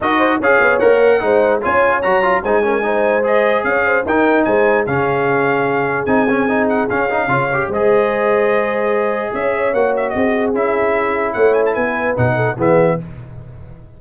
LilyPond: <<
  \new Staff \with { instrumentName = "trumpet" } { \time 4/4 \tempo 4 = 148 dis''4 f''4 fis''2 | gis''4 ais''4 gis''2 | dis''4 f''4 g''4 gis''4 | f''2. gis''4~ |
gis''8 fis''8 f''2 dis''4~ | dis''2. e''4 | fis''8 e''8 dis''4 e''2 | fis''8 gis''16 a''16 gis''4 fis''4 e''4 | }
  \new Staff \with { instrumentName = "horn" } { \time 4/4 ais'8 c''8 cis''2 c''4 | cis''2 c''8 ais'8 c''4~ | c''4 cis''8 c''8 ais'4 c''4 | gis'1~ |
gis'2 cis''4 c''4~ | c''2. cis''4~ | cis''4 gis'2. | cis''4 b'4. a'8 gis'4 | }
  \new Staff \with { instrumentName = "trombone" } { \time 4/4 fis'4 gis'4 ais'4 dis'4 | f'4 fis'8 f'8 dis'8 cis'8 dis'4 | gis'2 dis'2 | cis'2. dis'8 cis'8 |
dis'4 cis'8 dis'8 f'8 g'8 gis'4~ | gis'1 | fis'2 e'2~ | e'2 dis'4 b4 | }
  \new Staff \with { instrumentName = "tuba" } { \time 4/4 dis'4 cis'8 b8 ais4 gis4 | cis'4 fis4 gis2~ | gis4 cis'4 dis'4 gis4 | cis2. c'4~ |
c'4 cis'4 cis4 gis4~ | gis2. cis'4 | ais4 c'4 cis'2 | a4 b4 b,4 e4 | }
>>